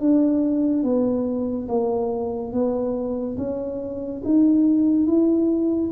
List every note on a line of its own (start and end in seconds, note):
0.00 0.83 D4
0.83 1.68 B3
1.69 2.52 A#3
2.52 3.37 B3
3.38 4.22 C#4
4.24 5.07 D#4
5.07 5.91 E4